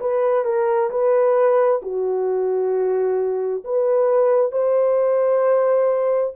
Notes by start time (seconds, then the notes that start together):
0.00 B4
0.44 A#4
0.90 B4
1.82 F#4
3.64 B4
4.51 C5